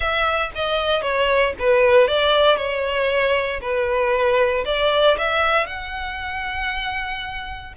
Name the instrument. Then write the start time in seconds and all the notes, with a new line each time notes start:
violin
0.00 E5
0.55 D#5
1.02 C#5
1.59 B4
2.07 D5
2.56 C#5
3.61 B4
4.65 D5
5.17 E5
5.66 F#5